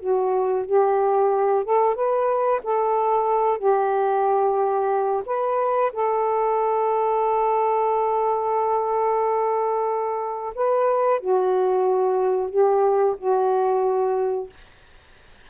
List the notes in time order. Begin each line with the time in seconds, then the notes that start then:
0.00 F#4
0.66 G4
1.65 A4
1.95 B4
2.64 A4
3.58 G4
5.26 B4
5.93 A4
10.55 B4
11.20 F#4
12.50 G4
13.18 F#4